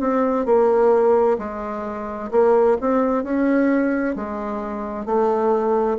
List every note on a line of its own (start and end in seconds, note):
0.00 0.45 C4
0.45 1.38 A#3
1.38 2.31 G#3
2.31 2.77 A#3
2.81 3.23 C4
3.23 4.15 C#4
4.15 5.05 G#3
5.05 5.97 A3